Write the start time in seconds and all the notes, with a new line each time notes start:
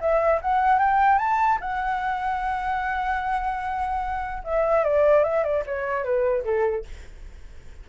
0.00 E5
0.41 F#5
0.79 G5
1.18 A5
1.61 F#5
4.44 E5
4.84 D5
5.23 E5
5.43 D5
5.66 C#5
6.04 B4
6.44 A4